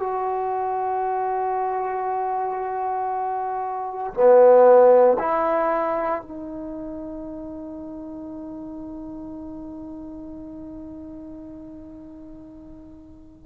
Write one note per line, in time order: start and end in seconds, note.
0.00 4.14 F#4
4.14 5.18 B3
5.19 6.23 E4
6.23 13.46 D#4